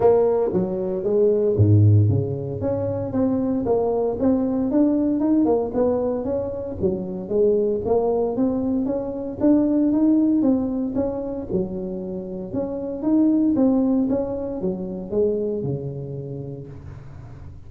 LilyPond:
\new Staff \with { instrumentName = "tuba" } { \time 4/4 \tempo 4 = 115 ais4 fis4 gis4 gis,4 | cis4 cis'4 c'4 ais4 | c'4 d'4 dis'8 ais8 b4 | cis'4 fis4 gis4 ais4 |
c'4 cis'4 d'4 dis'4 | c'4 cis'4 fis2 | cis'4 dis'4 c'4 cis'4 | fis4 gis4 cis2 | }